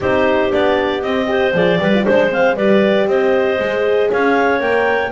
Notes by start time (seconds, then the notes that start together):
0.00 C4 D#4 G4 C5
0.51 B3 D4 D5
1.02 C4 D#5
1.26 G4 C5
1.53 F3 G#4 D5
1.79 G3 G4 B4
1.94 F4
2.04 G#3 D4 C5
2.30 C4 F5
2.55 G3 G4 B4 D5
3.07 C4 C5 D#5
3.59 G#3 G#4
4.10 C#4 C#5 F5
4.60 A#3 A#4 G5